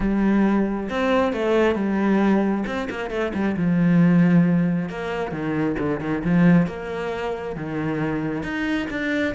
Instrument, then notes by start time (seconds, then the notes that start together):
cello
0.00 G3
0.89 C4
1.32 A3
1.75 G3
2.66 C4
2.90 A#3
3.10 A3
3.33 G3
3.56 F3
4.89 A#3
5.31 D#3
5.78 D3
6.00 D#3
6.24 F3
6.67 A#3
7.56 D#3
8.42 D#4
8.90 D4